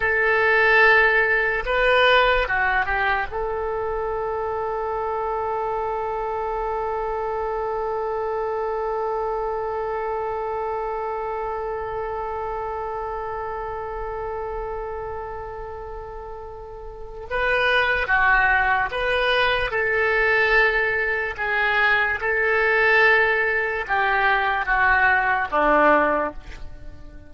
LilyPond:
\new Staff \with { instrumentName = "oboe" } { \time 4/4 \tempo 4 = 73 a'2 b'4 fis'8 g'8 | a'1~ | a'1~ | a'1~ |
a'1~ | a'4 b'4 fis'4 b'4 | a'2 gis'4 a'4~ | a'4 g'4 fis'4 d'4 | }